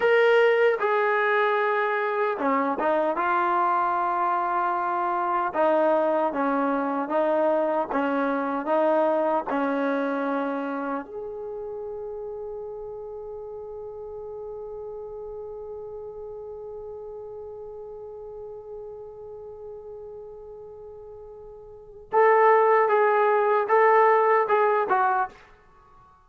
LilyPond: \new Staff \with { instrumentName = "trombone" } { \time 4/4 \tempo 4 = 76 ais'4 gis'2 cis'8 dis'8 | f'2. dis'4 | cis'4 dis'4 cis'4 dis'4 | cis'2 gis'2~ |
gis'1~ | gis'1~ | gis'1 | a'4 gis'4 a'4 gis'8 fis'8 | }